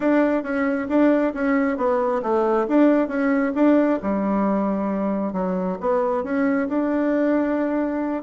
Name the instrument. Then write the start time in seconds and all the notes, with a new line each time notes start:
bassoon
0.00 D4
0.43 C#4
0.88 D4
1.34 C#4
1.77 B3
2.22 A3
2.68 D4
3.08 C#4
3.54 D4
4.02 G3
5.33 F#3
5.80 B3
6.23 C#4
6.68 D4